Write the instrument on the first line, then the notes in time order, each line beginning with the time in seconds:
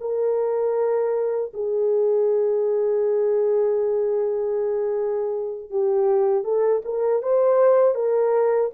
horn
0.00 A#4
1.53 G#4
5.70 G4
6.44 A4
6.85 A#4
7.22 C5
7.94 A#4